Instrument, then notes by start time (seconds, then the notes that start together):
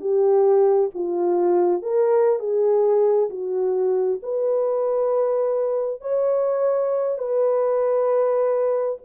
horn
0.00 G4
0.94 F4
1.82 A#4
2.39 G#4
3.29 F#4
4.22 B4
6.01 C#5
7.18 B4